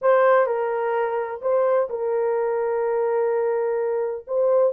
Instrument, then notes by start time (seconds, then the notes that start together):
horn
0.01 C5
0.46 A#4
1.41 C5
1.89 A#4
4.27 C5